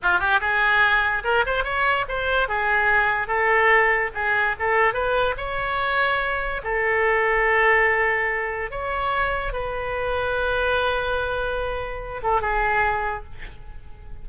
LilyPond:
\new Staff \with { instrumentName = "oboe" } { \time 4/4 \tempo 4 = 145 f'8 g'8 gis'2 ais'8 c''8 | cis''4 c''4 gis'2 | a'2 gis'4 a'4 | b'4 cis''2. |
a'1~ | a'4 cis''2 b'4~ | b'1~ | b'4. a'8 gis'2 | }